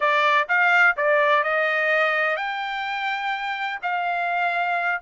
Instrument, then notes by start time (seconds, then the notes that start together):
trumpet
0.00 D5
0.48 F5
0.97 D5
1.43 D#5
2.36 G5
3.82 F5